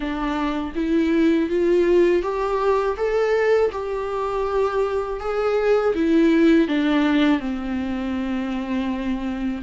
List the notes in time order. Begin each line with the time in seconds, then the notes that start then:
0.00 D4
0.75 E4
1.49 F4
2.22 G4
2.96 A4
3.72 G4
5.20 G#4
5.95 E4
6.68 D4
7.39 C4